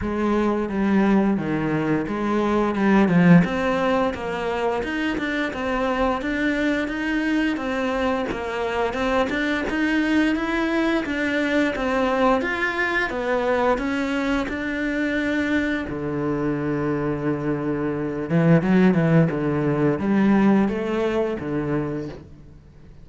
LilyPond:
\new Staff \with { instrumentName = "cello" } { \time 4/4 \tempo 4 = 87 gis4 g4 dis4 gis4 | g8 f8 c'4 ais4 dis'8 d'8 | c'4 d'4 dis'4 c'4 | ais4 c'8 d'8 dis'4 e'4 |
d'4 c'4 f'4 b4 | cis'4 d'2 d4~ | d2~ d8 e8 fis8 e8 | d4 g4 a4 d4 | }